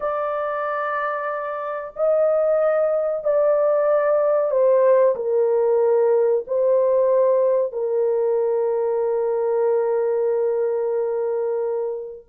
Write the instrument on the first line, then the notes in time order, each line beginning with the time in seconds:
horn
0.00 D5
1.95 D#5
3.24 D5
4.50 C5
5.15 A#4
6.47 C5
7.72 A#4